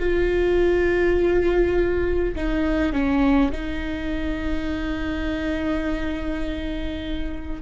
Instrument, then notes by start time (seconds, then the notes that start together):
viola
0.00 F4
2.36 D#4
2.93 C#4
3.52 D#4